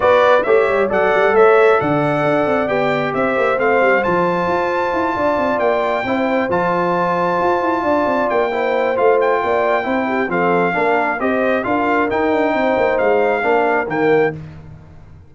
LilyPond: <<
  \new Staff \with { instrumentName = "trumpet" } { \time 4/4 \tempo 4 = 134 d''4 e''4 fis''4 e''4 | fis''2 g''4 e''4 | f''4 a''2.~ | a''8 g''2 a''4.~ |
a''2~ a''8 g''4. | f''8 g''2~ g''8 f''4~ | f''4 dis''4 f''4 g''4~ | g''4 f''2 g''4 | }
  \new Staff \with { instrumentName = "horn" } { \time 4/4 b'4 cis''4 d''4 cis''4 | d''2. c''4~ | c''2.~ c''8 d''8~ | d''4. c''2~ c''8~ |
c''4. d''4. c''4~ | c''4 d''4 c''8 g'8 a'4 | ais'4 c''4 ais'2 | c''2 ais'2 | }
  \new Staff \with { instrumentName = "trombone" } { \time 4/4 fis'4 g'4 a'2~ | a'2 g'2 | c'4 f'2.~ | f'4. e'4 f'4.~ |
f'2. e'4 | f'2 e'4 c'4 | d'4 g'4 f'4 dis'4~ | dis'2 d'4 ais4 | }
  \new Staff \with { instrumentName = "tuba" } { \time 4/4 b4 a8 g8 fis8 g8 a4 | d4 d'8 c'8 b4 c'8 ais8 | a8 g8 f4 f'4 e'8 d'8 | c'8 ais4 c'4 f4.~ |
f8 f'8 e'8 d'8 c'8 ais4. | a4 ais4 c'4 f4 | ais4 c'4 d'4 dis'8 d'8 | c'8 ais8 gis4 ais4 dis4 | }
>>